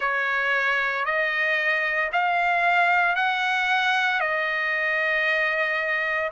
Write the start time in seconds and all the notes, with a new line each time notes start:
0.00 C#5
1.05 D#5
2.12 F5
3.15 F#5
4.20 D#5